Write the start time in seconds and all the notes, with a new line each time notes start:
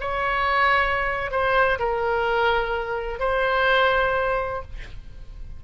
0.00 C#5
1.31 C5
1.79 A#4
3.19 C5